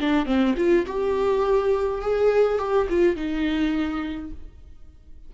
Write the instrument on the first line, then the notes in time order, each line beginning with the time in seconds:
viola
0.00 D4
0.26 C4
0.57 F4
0.87 G4
2.02 G#4
2.59 G4
2.90 F4
3.16 D#4